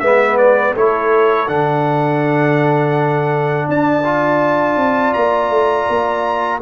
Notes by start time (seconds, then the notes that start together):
0.00 G#3 B3 B4 E5
0.37 D5
0.74 A3 E4 A4 C#5
1.47 D3 D4 F#5
3.68 D4 D5 A5
4.05 F4
4.76 C4
5.13 A#3 A#5
5.50 A3
5.89 A#3